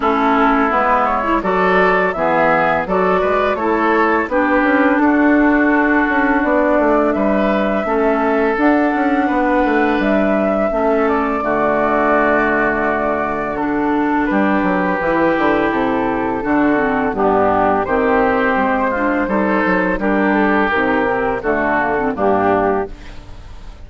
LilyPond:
<<
  \new Staff \with { instrumentName = "flute" } { \time 4/4 \tempo 4 = 84 a'4 b'8 cis''8 d''4 e''4 | d''4 cis''4 b'4 a'4~ | a'4 d''4 e''2 | fis''2 e''4. d''8~ |
d''2. a'4 | b'2 a'2 | g'4 c''2. | ais'8 a'8 ais'4 a'4 g'4 | }
  \new Staff \with { instrumentName = "oboe" } { \time 4/4 e'2 a'4 gis'4 | a'8 b'8 a'4 g'4 fis'4~ | fis'2 b'4 a'4~ | a'4 b'2 a'4 |
fis'1 | g'2. fis'4 | d'4 g'4. f'8 a'4 | g'2 fis'4 d'4 | }
  \new Staff \with { instrumentName = "clarinet" } { \time 4/4 cis'4 b8. e'16 fis'4 b4 | fis'4 e'4 d'2~ | d'2. cis'4 | d'2. cis'4 |
a2. d'4~ | d'4 e'2 d'8 c'8 | b4 c'4. d'8 dis'4 | d'4 dis'8 c'8 a8 ais16 c'16 ais4 | }
  \new Staff \with { instrumentName = "bassoon" } { \time 4/4 a4 gis4 fis4 e4 | fis8 gis8 a4 b8 cis'8 d'4~ | d'8 cis'8 b8 a8 g4 a4 | d'8 cis'8 b8 a8 g4 a4 |
d1 | g8 fis8 e8 d8 c4 d4 | g,4 dis4 gis4 g8 fis8 | g4 c4 d4 g,4 | }
>>